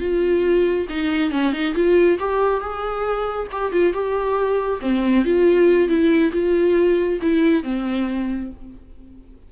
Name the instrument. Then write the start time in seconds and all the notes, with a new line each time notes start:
viola
0.00 F4
0.89 D#4
1.31 C#4
1.53 D#4
1.75 F4
2.19 G4
2.60 G#4
3.52 G4
3.72 F4
3.93 G4
4.81 C4
5.25 F4
5.88 E4
6.33 F4
7.22 E4
7.63 C4